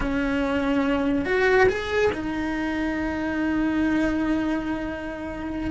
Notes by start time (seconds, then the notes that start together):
0.00 C#4
1.25 F#4
1.68 G#4
2.12 D#4